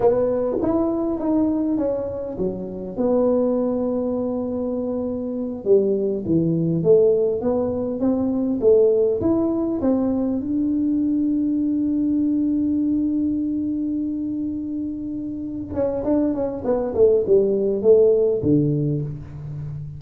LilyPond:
\new Staff \with { instrumentName = "tuba" } { \time 4/4 \tempo 4 = 101 b4 e'4 dis'4 cis'4 | fis4 b2.~ | b4. g4 e4 a8~ | a8 b4 c'4 a4 e'8~ |
e'8 c'4 d'2~ d'8~ | d'1~ | d'2~ d'8 cis'8 d'8 cis'8 | b8 a8 g4 a4 d4 | }